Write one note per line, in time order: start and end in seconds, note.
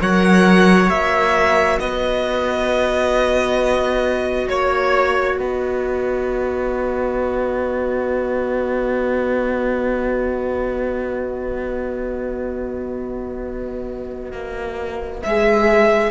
0.00 0.89 F#3
0.00 0.90 A#4
0.00 1.79 C#5
0.00 0.89 F#5
0.89 1.79 A#3
0.89 15.23 F#4
0.89 1.79 E5
1.79 4.48 B3
1.79 4.48 B4
1.79 4.48 D#5
4.48 5.38 A#3
4.48 5.37 C#5
5.37 14.32 B3
5.37 16.11 B4
5.37 15.22 D#5
14.32 15.22 A#3
15.23 16.11 G#3
15.23 16.11 G#4
15.23 16.11 E5